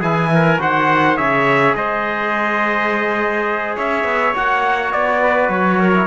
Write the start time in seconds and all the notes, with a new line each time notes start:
0.00 E3 E4 G#4 G#5
0.34 A#4
0.58 D#3 F#4 C5 F#5
1.16 C#3 G#4 C#5 E5
1.75 G#3 C5 D#5
3.76 C#4 C#5 E5
4.04 B3
4.34 A#3 F#4 F#5
4.92 B3 D5
5.22 B4
5.49 F#3 C#5
5.79 A#4
5.93 E4